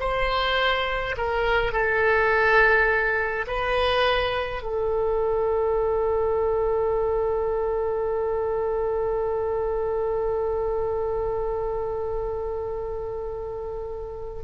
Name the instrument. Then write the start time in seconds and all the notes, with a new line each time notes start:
oboe
0.00 C5
1.17 A#4
1.73 A4
3.47 B4
4.63 A4